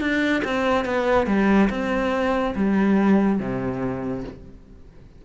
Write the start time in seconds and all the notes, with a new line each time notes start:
0.00 D4
0.44 C4
0.85 B3
1.27 G3
1.70 C4
2.55 G3
3.40 C3